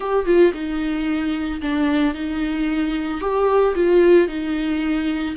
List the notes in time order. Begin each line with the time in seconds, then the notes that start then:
0.00 G4
0.25 F4
0.53 D#4
1.61 D4
2.14 D#4
3.20 G4
3.74 F4
4.28 D#4